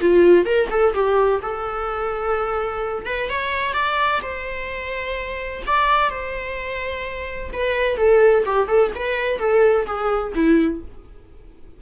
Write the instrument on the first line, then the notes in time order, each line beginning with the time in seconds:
viola
0.00 F4
0.45 A#4
0.70 A4
0.93 G4
1.42 A4
3.05 B4
3.29 C#5
3.73 D5
4.22 C5
5.66 D5
6.09 C5
7.52 B4
7.97 A4
8.45 G4
8.67 A4
8.94 B4
9.39 A4
9.86 G#4
10.34 E4